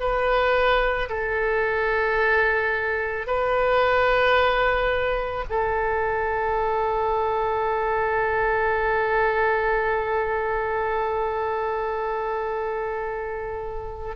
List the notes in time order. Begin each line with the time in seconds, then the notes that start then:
0.00 B4
1.09 A4
3.27 B4
5.50 A4